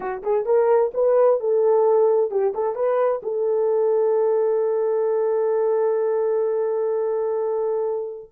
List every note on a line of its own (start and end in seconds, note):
0.00 0.22 F#4
0.22 0.45 G#4
0.45 0.91 A#4
0.94 1.40 B4
1.40 2.30 A4
2.30 2.53 G4
2.54 2.75 A4
2.75 3.21 B4
3.22 8.30 A4